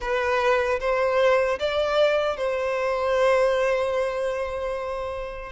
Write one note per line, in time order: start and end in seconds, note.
0.00 0.79 B4
0.79 1.58 C5
1.59 2.36 D5
2.36 5.52 C5